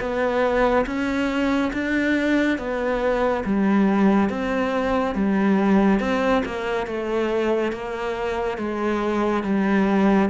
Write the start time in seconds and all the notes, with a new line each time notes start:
0.00 B3
0.86 C#4
1.73 D4
2.58 B3
3.45 G3
4.30 C4
5.15 G3
6.00 C4
6.46 A#3
6.87 A3
7.73 A#3
8.58 G#3
9.44 G3